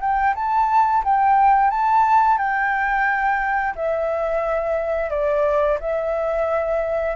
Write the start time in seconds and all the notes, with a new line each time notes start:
0.00 G5
0.35 A5
1.04 G5
1.70 A5
2.37 G5
3.75 E5
5.10 D5
5.80 E5